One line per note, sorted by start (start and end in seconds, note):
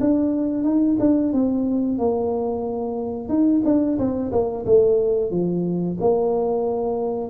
0.00 0.64 D4
0.64 0.97 D#4
0.99 1.32 D4
1.32 1.98 C4
1.98 3.28 A#3
3.28 3.62 D#4
3.65 3.98 D4
3.98 4.32 C4
4.32 4.65 A#3
4.65 5.31 A3
5.31 5.97 F3
6.00 7.30 A#3